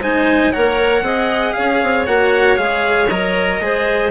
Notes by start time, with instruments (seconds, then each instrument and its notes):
0.00 bassoon G#3, cello D#4, clarinet C5, trumpet G#5
0.52 bassoon A#3, cello A#4, clarinet C#5, trumpet F#5
1.01 bassoon C4, cello G#4, clarinet D#5
1.53 bassoon C#4, clarinet C#5, trumpet F5
1.82 bassoon C4
2.06 bassoon A#3, cello F#4, trumpet F#5
2.56 bassoon G#3, cello G#4, trumpet F5
3.09 bassoon F#3, cello A#4, trumpet D#5
3.60 bassoon G#3, cello G#4, clarinet C5